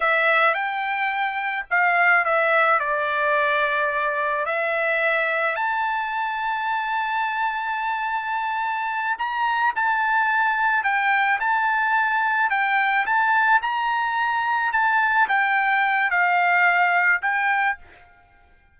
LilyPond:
\new Staff \with { instrumentName = "trumpet" } { \time 4/4 \tempo 4 = 108 e''4 g''2 f''4 | e''4 d''2. | e''2 a''2~ | a''1~ |
a''8 ais''4 a''2 g''8~ | g''8 a''2 g''4 a''8~ | a''8 ais''2 a''4 g''8~ | g''4 f''2 g''4 | }